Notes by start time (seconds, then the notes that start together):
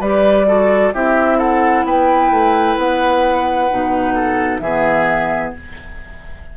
0.00 G3 G4 B4 D5
0.47 F#4 A4
0.94 C4 E4 G4 E5
1.38 A4 F#5
1.84 B3 B4 G5
2.31 A3
2.78 B3 F#5
3.70 B2 D#4
4.15 A4
4.58 E3 G#4 E5
4.65 B3